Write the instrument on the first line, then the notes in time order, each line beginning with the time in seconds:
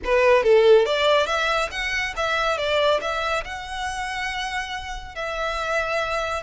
violin
0.04 B4
0.43 A4
0.85 D5
1.26 E5
1.71 F#5
2.16 E5
2.57 D5
3.01 E5
3.44 F#5
5.15 E5